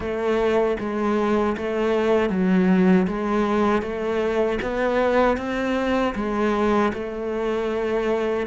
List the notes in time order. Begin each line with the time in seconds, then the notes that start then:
0.00 A3
0.79 G#3
1.57 A3
2.29 F#3
3.07 G#3
3.81 A3
4.62 B3
5.37 C4
6.15 G#3
6.93 A3